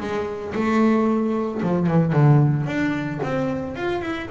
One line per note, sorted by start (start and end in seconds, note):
0.00 0.54 G#3
0.55 1.62 A3
1.62 1.87 F3
1.87 2.13 E3
2.13 2.66 D3
2.66 3.20 D4
3.23 3.76 C4
3.76 4.02 F4
4.02 4.28 E4